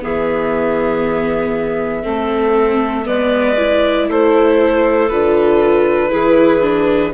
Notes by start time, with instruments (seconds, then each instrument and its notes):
0.00 bassoon E3, viola B3, clarinet G#4, violin E5
2.03 bassoon A3, viola C4, clarinet A4
3.06 bassoon G#3, viola B3, clarinet B4, violin D5
3.57 viola E4
4.09 bassoon A3, clarinet A4, violin C5
5.09 bassoon D3, viola F4, violin B4
6.10 bassoon E3, viola E4, clarinet G#4
6.62 viola D4